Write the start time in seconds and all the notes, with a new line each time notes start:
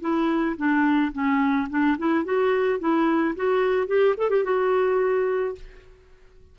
0.00 E4
0.56 D4
1.12 C#4
1.69 D4
1.98 E4
2.24 F#4
2.79 E4
3.35 F#4
3.87 G4
4.17 A4
4.30 G4
4.44 F#4